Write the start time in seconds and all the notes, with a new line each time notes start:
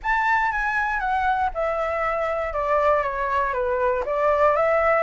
0.02 A5
0.51 G#5
0.99 F#5
1.54 E5
2.53 D5
3.03 C#5
3.53 B4
4.05 D5
4.56 E5